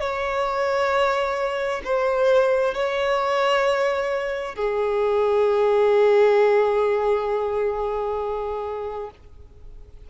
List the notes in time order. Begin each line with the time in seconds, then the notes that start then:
0.00 C#5
1.84 C5
2.74 C#5
4.55 G#4